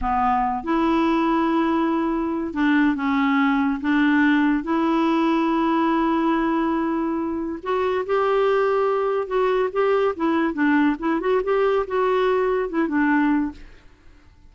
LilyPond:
\new Staff \with { instrumentName = "clarinet" } { \time 4/4 \tempo 4 = 142 b4. e'2~ e'8~ | e'2 d'4 cis'4~ | cis'4 d'2 e'4~ | e'1~ |
e'2 fis'4 g'4~ | g'2 fis'4 g'4 | e'4 d'4 e'8 fis'8 g'4 | fis'2 e'8 d'4. | }